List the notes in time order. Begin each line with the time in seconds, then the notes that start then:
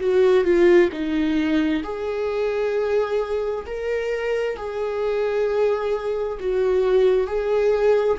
0.00 F#4
0.44 F4
0.92 D#4
1.83 G#4
3.66 A#4
4.56 G#4
6.39 F#4
7.27 G#4